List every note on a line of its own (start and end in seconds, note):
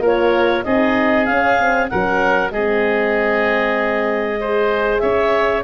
0.00 0.62 A#3
0.00 0.64 F4
0.00 0.64 A#4
0.07 0.64 C#5
0.64 1.29 C4
0.64 1.27 D#4
0.64 1.91 G#4
0.64 1.26 D#5
1.26 1.59 C#4
1.26 1.91 C#4
1.26 1.88 F5
1.59 1.90 C4
1.89 2.51 F#3
1.89 2.52 C#4
1.89 2.53 A#4
1.89 2.51 F#5
2.51 5.01 G#3
2.51 4.42 C4
2.51 4.40 G#4
2.51 4.99 D#5
4.41 5.64 G#4
4.41 5.02 C5
4.99 5.64 C#4
4.99 5.64 C#5
4.99 5.62 E5